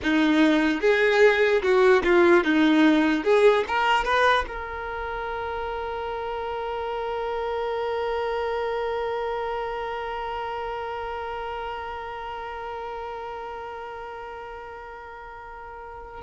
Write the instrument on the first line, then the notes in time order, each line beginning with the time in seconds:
violin
0.03 D#4
0.80 G#4
1.62 F#4
2.03 F4
2.44 D#4
3.24 G#4
3.67 A#4
4.04 B4
4.47 A#4